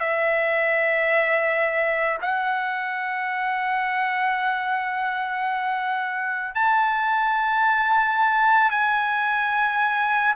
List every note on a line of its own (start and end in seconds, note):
0.00 2.18 E5
2.22 6.55 F#5
6.55 8.71 A5
8.71 10.34 G#5